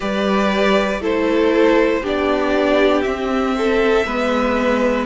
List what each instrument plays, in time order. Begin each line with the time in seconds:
0.00 cello G3, viola G4, violin B4 D5
0.99 cello A3, viola E4, violin A4 C5
2.02 cello B3, viola D4, violin G4 D5
3.01 viola C4, cello C4, violin E5
3.57 violin A4
4.05 cello G#3, viola B3, violin B4